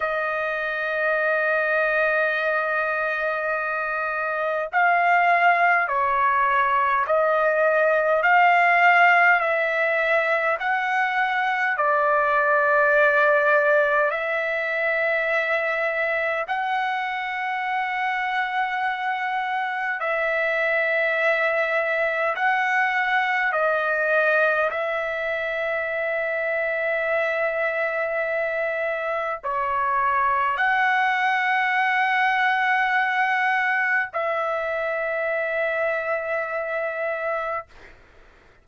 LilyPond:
\new Staff \with { instrumentName = "trumpet" } { \time 4/4 \tempo 4 = 51 dis''1 | f''4 cis''4 dis''4 f''4 | e''4 fis''4 d''2 | e''2 fis''2~ |
fis''4 e''2 fis''4 | dis''4 e''2.~ | e''4 cis''4 fis''2~ | fis''4 e''2. | }